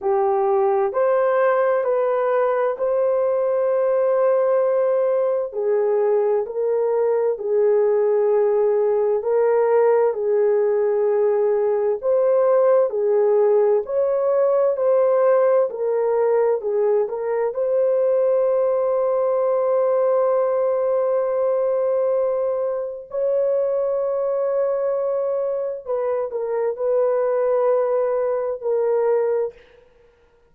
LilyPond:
\new Staff \with { instrumentName = "horn" } { \time 4/4 \tempo 4 = 65 g'4 c''4 b'4 c''4~ | c''2 gis'4 ais'4 | gis'2 ais'4 gis'4~ | gis'4 c''4 gis'4 cis''4 |
c''4 ais'4 gis'8 ais'8 c''4~ | c''1~ | c''4 cis''2. | b'8 ais'8 b'2 ais'4 | }